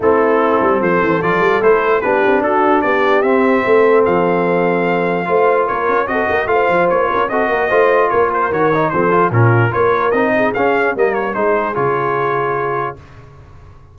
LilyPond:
<<
  \new Staff \with { instrumentName = "trumpet" } { \time 4/4 \tempo 4 = 148 a'2 c''4 d''4 | c''4 b'4 a'4 d''4 | e''2 f''2~ | f''2 cis''4 dis''4 |
f''4 cis''4 dis''2 | cis''8 c''8 cis''4 c''4 ais'4 | cis''4 dis''4 f''4 dis''8 cis''8 | c''4 cis''2. | }
  \new Staff \with { instrumentName = "horn" } { \time 4/4 e'2 a'2~ | a'4 g'4 fis'4 g'4~ | g'4 a'2.~ | a'4 c''4 ais'4 a'8 ais'8 |
c''4. ais'8 a'8 ais'8 c''4 | ais'2 a'4 f'4 | ais'4. gis'4. ais'4 | gis'1 | }
  \new Staff \with { instrumentName = "trombone" } { \time 4/4 c'2. f'4 | e'4 d'2. | c'1~ | c'4 f'2 fis'4 |
f'2 fis'4 f'4~ | f'4 fis'8 dis'8 c'8 f'8 cis'4 | f'4 dis'4 cis'4 ais4 | dis'4 f'2. | }
  \new Staff \with { instrumentName = "tuba" } { \time 4/4 a4. g8 f8 e8 f8 g8 | a4 b8 c'8 d'4 b4 | c'4 a4 f2~ | f4 a4 ais8 cis'8 c'8 ais8 |
a8 f8 ais8 cis'8 c'8 ais8 a4 | ais4 dis4 f4 ais,4 | ais4 c'4 cis'4 g4 | gis4 cis2. | }
>>